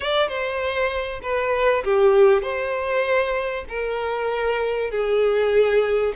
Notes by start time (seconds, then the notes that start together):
0.00 D5
0.28 C5
1.22 B4
1.84 G4
2.42 C5
3.68 A#4
4.90 G#4